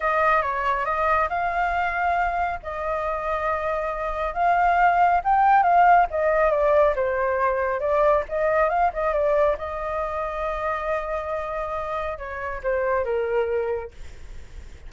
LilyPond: \new Staff \with { instrumentName = "flute" } { \time 4/4 \tempo 4 = 138 dis''4 cis''4 dis''4 f''4~ | f''2 dis''2~ | dis''2 f''2 | g''4 f''4 dis''4 d''4 |
c''2 d''4 dis''4 | f''8 dis''8 d''4 dis''2~ | dis''1 | cis''4 c''4 ais'2 | }